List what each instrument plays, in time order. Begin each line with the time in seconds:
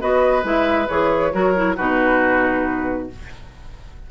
0.00 bassoon B3, clarinet F#4, oboe B4, flute D#5
0.43 bassoon G#3, clarinet E4, flute E5
0.88 bassoon E3, clarinet G#4, flute C#5
1.32 bassoon F#3, clarinet F#4, oboe A#4
1.55 clarinet E4
1.76 bassoon B2, clarinet D#4, oboe F#4, flute B4